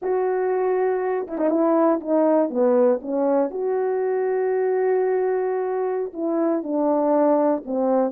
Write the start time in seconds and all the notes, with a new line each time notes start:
0.02 F#4
1.27 E4
1.38 D#4
1.50 E4
2.00 D#4
2.50 B3
3.01 C#4
3.50 F#4
6.13 E4
6.63 D4
7.65 C4